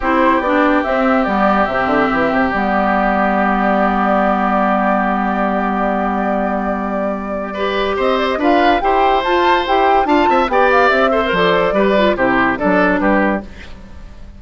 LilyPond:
<<
  \new Staff \with { instrumentName = "flute" } { \time 4/4 \tempo 4 = 143 c''4 d''4 e''4 d''4 | e''2 d''2~ | d''1~ | d''1~ |
d''2. dis''8 d''16 dis''16 | f''4 g''4 a''4 g''4 | a''4 g''8 f''8 e''4 d''4~ | d''4 c''4 d''4 b'4 | }
  \new Staff \with { instrumentName = "oboe" } { \time 4/4 g'1~ | g'1~ | g'1~ | g'1~ |
g'2 b'4 c''4 | b'4 c''2. | f''8 e''8 d''4. c''4. | b'4 g'4 a'4 g'4 | }
  \new Staff \with { instrumentName = "clarinet" } { \time 4/4 e'4 d'4 c'4 b4 | c'2 b2~ | b1~ | b1~ |
b2 g'2 | f'4 g'4 f'4 g'4 | f'4 g'4. a'16 ais'16 a'4 | g'8 f'8 e'4 d'2 | }
  \new Staff \with { instrumentName = "bassoon" } { \time 4/4 c'4 b4 c'4 g4 | c8 d8 e8 c8 g2~ | g1~ | g1~ |
g2. c'4 | d'4 e'4 f'4 e'4 | d'8 c'8 b4 c'4 f4 | g4 c4 fis4 g4 | }
>>